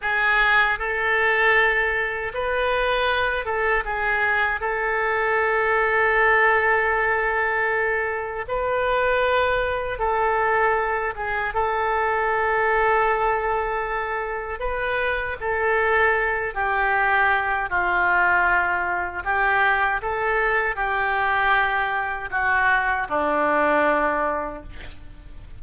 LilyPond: \new Staff \with { instrumentName = "oboe" } { \time 4/4 \tempo 4 = 78 gis'4 a'2 b'4~ | b'8 a'8 gis'4 a'2~ | a'2. b'4~ | b'4 a'4. gis'8 a'4~ |
a'2. b'4 | a'4. g'4. f'4~ | f'4 g'4 a'4 g'4~ | g'4 fis'4 d'2 | }